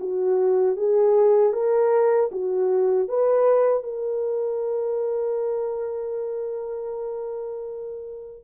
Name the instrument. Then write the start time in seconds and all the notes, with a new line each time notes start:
horn
0.00 F#4
0.77 G#4
1.53 A#4
2.31 F#4
3.08 B4
3.83 A#4